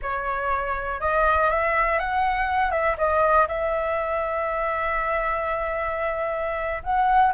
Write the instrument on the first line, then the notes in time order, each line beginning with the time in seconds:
flute
0.02 C#5
1.00 D#5
1.49 E5
1.99 F#5
2.71 E5
2.97 D#5
3.47 E5
6.83 F#5